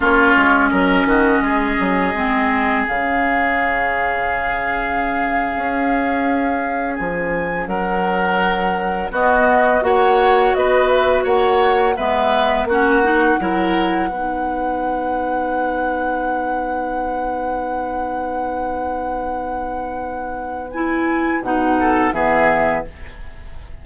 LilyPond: <<
  \new Staff \with { instrumentName = "flute" } { \time 4/4 \tempo 4 = 84 cis''4 dis''2. | f''1~ | f''4.~ f''16 gis''4 fis''4~ fis''16~ | fis''8. dis''4 fis''4 dis''8 e''8 fis''16~ |
fis''8. e''4 fis''2~ fis''16~ | fis''1~ | fis''1~ | fis''4 gis''4 fis''4 e''4 | }
  \new Staff \with { instrumentName = "oboe" } { \time 4/4 f'4 ais'8 fis'8 gis'2~ | gis'1~ | gis'2~ gis'8. ais'4~ ais'16~ | ais'8. fis'4 cis''4 b'4 cis''16~ |
cis''8. b'4 fis'4 ais'4 b'16~ | b'1~ | b'1~ | b'2~ b'8 a'8 gis'4 | }
  \new Staff \with { instrumentName = "clarinet" } { \time 4/4 cis'2. c'4 | cis'1~ | cis'1~ | cis'8. b4 fis'2~ fis'16~ |
fis'8. b4 cis'8 dis'8 e'4 dis'16~ | dis'1~ | dis'1~ | dis'4 e'4 dis'4 b4 | }
  \new Staff \with { instrumentName = "bassoon" } { \time 4/4 ais8 gis8 fis8 dis8 gis8 fis8 gis4 | cis2.~ cis8. cis'16~ | cis'4.~ cis'16 f4 fis4~ fis16~ | fis8. b4 ais4 b4 ais16~ |
ais8. gis4 ais4 fis4 b16~ | b1~ | b1~ | b2 b,4 e4 | }
>>